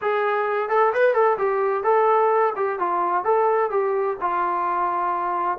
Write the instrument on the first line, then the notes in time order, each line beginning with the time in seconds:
trombone
0.01 G#4
0.69 A4
0.93 B4
1.14 A4
1.38 G4
1.83 A4
2.56 G4
2.79 F4
3.24 A4
3.70 G4
4.20 F4